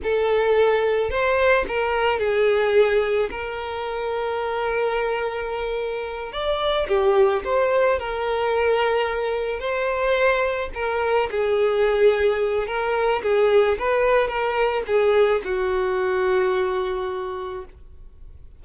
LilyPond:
\new Staff \with { instrumentName = "violin" } { \time 4/4 \tempo 4 = 109 a'2 c''4 ais'4 | gis'2 ais'2~ | ais'2.~ ais'8 d''8~ | d''8 g'4 c''4 ais'4.~ |
ais'4. c''2 ais'8~ | ais'8 gis'2~ gis'8 ais'4 | gis'4 b'4 ais'4 gis'4 | fis'1 | }